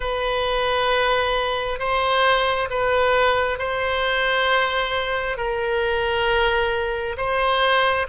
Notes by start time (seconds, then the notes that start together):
0.00 B4
1.79 C5
2.70 B4
3.59 C5
5.37 A#4
7.17 C5